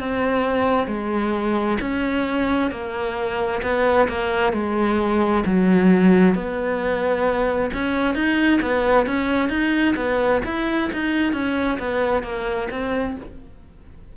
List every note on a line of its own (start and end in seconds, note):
0.00 0.88 C4
0.88 1.79 G#3
1.81 2.71 C#4
2.71 3.62 A#3
3.63 4.08 B3
4.09 4.53 A#3
4.53 5.44 G#3
5.45 6.35 F#3
6.35 7.71 B3
7.73 8.15 C#4
8.15 8.60 D#4
8.62 9.07 B3
9.07 9.50 C#4
9.50 9.95 D#4
9.96 10.42 B3
10.45 10.91 E4
10.93 11.33 D#4
11.33 11.79 C#4
11.79 12.23 B3
12.23 12.69 A#3
12.71 13.17 C4